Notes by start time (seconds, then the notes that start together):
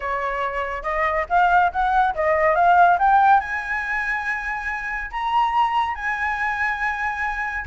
0.00 C#5
0.83 D#5
1.29 F5
1.72 F#5
2.15 D#5
2.55 F5
2.98 G5
3.40 G#5
5.11 A#5
5.95 G#5